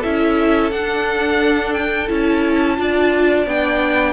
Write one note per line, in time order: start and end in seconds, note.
0.00 0.72 C#4
0.00 0.73 E4
0.00 2.76 A4
0.00 0.71 E5
0.71 2.10 D4
0.71 2.09 D4
0.71 1.74 F#5
1.74 2.08 G5
2.09 2.79 C#4
2.09 2.77 E4
2.09 3.49 A5
2.77 3.47 D4
2.77 3.46 F4
2.77 4.14 D5
3.47 4.14 B3
3.47 4.14 D4
3.47 4.14 G5